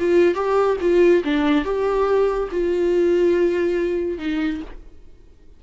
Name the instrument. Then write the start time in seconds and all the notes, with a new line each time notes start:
viola
0.00 F4
0.35 G4
0.81 F4
1.25 D4
1.65 G4
2.52 F4
4.19 D#4